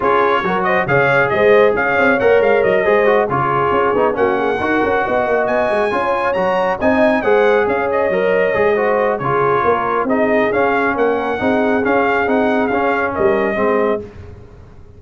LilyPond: <<
  \new Staff \with { instrumentName = "trumpet" } { \time 4/4 \tempo 4 = 137 cis''4. dis''8 f''4 dis''4 | f''4 fis''8 f''8 dis''4. cis''8~ | cis''4. fis''2~ fis''8~ | fis''8 gis''2 ais''4 gis''8~ |
gis''8 fis''4 f''8 dis''2~ | dis''4 cis''2 dis''4 | f''4 fis''2 f''4 | fis''4 f''4 dis''2 | }
  \new Staff \with { instrumentName = "horn" } { \time 4/4 gis'4 ais'8 c''8 cis''4 c''4 | cis''2~ cis''8 c''4 gis'8~ | gis'4. fis'8 gis'8 ais'4 dis''8~ | dis''4. cis''2 dis''8~ |
dis''8 c''4 cis''2~ cis''8 | c''4 gis'4 ais'4 gis'4~ | gis'4 ais'4 gis'2~ | gis'2 ais'4 gis'4 | }
  \new Staff \with { instrumentName = "trombone" } { \time 4/4 f'4 fis'4 gis'2~ | gis'4 ais'4. gis'8 fis'8 f'8~ | f'4 dis'8 cis'4 fis'4.~ | fis'4. f'4 fis'4 dis'8~ |
dis'8 gis'2 ais'4 gis'8 | fis'4 f'2 dis'4 | cis'2 dis'4 cis'4 | dis'4 cis'2 c'4 | }
  \new Staff \with { instrumentName = "tuba" } { \time 4/4 cis'4 fis4 cis4 gis4 | cis'8 c'8 ais8 gis8 fis8 gis4 cis8~ | cis8 cis'8 b8 ais4 dis'8 cis'8 b8 | ais8 b8 gis8 cis'4 fis4 c'8~ |
c'8 gis4 cis'4 fis4 gis8~ | gis4 cis4 ais4 c'4 | cis'4 ais4 c'4 cis'4 | c'4 cis'4 g4 gis4 | }
>>